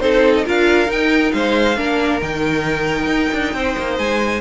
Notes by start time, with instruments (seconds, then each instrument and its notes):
0.00 cello C4, viola D#4, violin A4 C5
0.34 violin D#5
0.45 cello D4, viola F4, violin A#4 F5
0.86 viola D#4, cello D#4, violin G5
1.32 cello G#3, violin C5 F5
1.77 cello A#3, viola D4, violin A#4
2.21 cello D#3, viola D#4, violin G5
3.06 cello D#4
3.33 cello D4
3.53 cello C4, violin C5
3.78 cello A#3
3.98 cello G#3, violin G#5